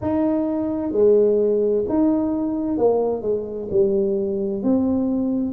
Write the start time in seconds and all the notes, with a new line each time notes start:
0.01 D#4
0.91 G#3
1.88 D#4
2.77 A#3
3.22 G#3
3.70 G3
4.62 C4